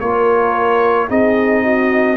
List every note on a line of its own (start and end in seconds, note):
0.00 1.10 A#3
0.00 1.09 F4
0.00 1.09 A#4
0.00 1.09 C#5
1.09 2.17 C4
1.09 2.17 D#4
1.09 1.63 G#4
1.09 2.17 D#5
1.63 2.17 F#4